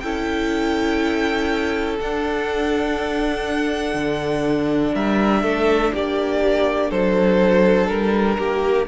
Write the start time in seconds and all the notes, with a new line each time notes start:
0.00 C#4 E4 A4 G5
2.00 D4 F#5
3.94 D3
4.94 G3 A#4 E5
5.43 A3 A4
5.93 A#3 G4 D5
6.90 F#3 A4 C5
7.87 G3 A#4
8.38 A#3 G4